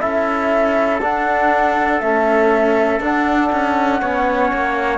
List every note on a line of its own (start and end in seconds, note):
0.00 1.02 C#4
0.00 1.00 E4
0.00 4.01 A4
0.00 1.00 E5
1.01 2.01 D4
1.01 2.02 D4
1.01 2.00 F#5
2.00 3.01 A3
2.00 3.00 C#4
2.00 3.00 E5
3.00 3.50 D4
3.00 4.02 D4
3.00 4.98 F#5
3.52 4.02 C#4
4.01 4.52 B3
4.01 4.98 C#4
4.01 4.98 C#5
4.54 4.98 A#3